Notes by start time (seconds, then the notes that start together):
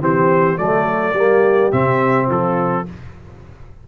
0.00 E3 C4 G4 C5
0.57 F#3 A3 A4 D5
1.12 G3 A#3 G4
1.71 C3 C4 E5
2.26 F3 F4 A4